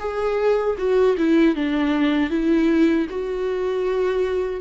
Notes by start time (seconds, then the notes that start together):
0.00 G#4
0.78 F#4
1.18 E4
1.56 D4
2.30 E4
3.10 F#4